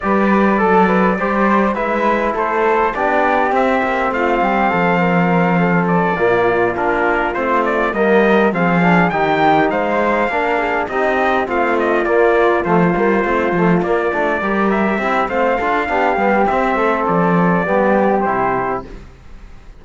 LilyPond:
<<
  \new Staff \with { instrumentName = "trumpet" } { \time 4/4 \tempo 4 = 102 d''2. e''4 | c''4 d''4 e''4 f''4~ | f''2 d''4. ais'8~ | ais'8 c''8 d''8 dis''4 f''4 g''8~ |
g''8 f''2 dis''4 f''8 | dis''8 d''4 c''2 d''8~ | d''4 e''4 f''2 | e''4 d''2 c''4 | }
  \new Staff \with { instrumentName = "flute" } { \time 4/4 b'4 a'8 b'8 c''4 b'4 | a'4 g'2 f'8 g'8 | a'8 ais'4 a'4 f'4.~ | f'4. ais'4 gis'4 g'8~ |
g'8 c''4 ais'8 gis'8 g'4 f'8~ | f'1~ | f'8 ais'4 g'8 c''8 a'8 g'4~ | g'8 a'4. g'2 | }
  \new Staff \with { instrumentName = "trombone" } { \time 4/4 g'4 a'4 g'4 e'4~ | e'4 d'4 c'2~ | c'2~ c'8 ais4 d'8~ | d'8 c'4 ais4 c'8 d'8 dis'8~ |
dis'4. d'4 dis'4 c'8~ | c'8 ais4 a8 ais8 c'8 a8 ais8 | d'8 g'4 e'8 c'8 f'8 d'8 b8 | c'2 b4 e'4 | }
  \new Staff \with { instrumentName = "cello" } { \time 4/4 g4 fis4 g4 gis4 | a4 b4 c'8 ais8 a8 g8 | f2~ f8 ais,4 ais8~ | ais8 a4 g4 f4 dis8~ |
dis8 gis4 ais4 c'4 a8~ | a8 ais4 f8 g8 a8 f8 ais8 | a8 g4 c'8 a8 d'8 b8 g8 | c'8 a8 f4 g4 c4 | }
>>